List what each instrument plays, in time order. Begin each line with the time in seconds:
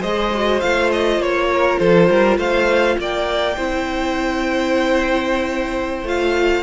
0.00 cello G#3, viola G#4, violin C5 D#5
0.34 viola F#4
0.60 cello A3, viola F4, violin F5
0.92 violin D#5
1.18 cello A#3, violin C#5
1.52 violin A#4
1.78 cello F3, violin A4 C5
2.09 cello G3, violin A#4
2.37 cello A3, violin C5 F5
2.98 cello A#3, violin D5 G5
3.56 cello C4, viola E4, violin C5
6.03 cello A3, viola F4, violin F5